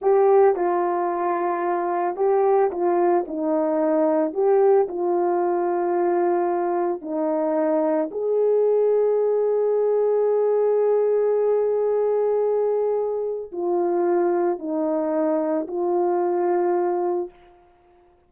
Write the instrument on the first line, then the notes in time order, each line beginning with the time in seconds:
horn
0.01 G4
0.55 F4
2.16 G4
2.71 F4
3.27 D#4
4.33 G4
4.88 F4
7.01 D#4
8.11 G#4
13.52 F4
14.58 D#4
15.67 F4